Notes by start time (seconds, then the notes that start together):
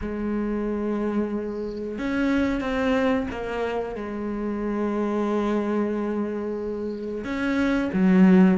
0.01 G#3
1.98 C#4
2.60 C4
3.30 A#3
3.95 G#3
7.24 C#4
7.93 F#3